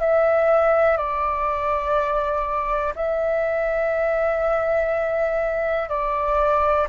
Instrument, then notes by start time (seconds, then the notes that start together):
flute
0.00 E5
0.97 D5
2.95 E5
5.89 D5